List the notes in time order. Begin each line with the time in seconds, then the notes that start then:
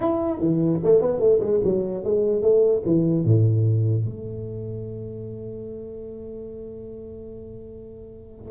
0.00 E4
0.39 E3
0.83 A3
1.01 B3
1.19 A3
1.39 G#3
1.64 F#3
2.04 G#3
2.42 A3
2.85 E3
3.24 A2
4.05 A3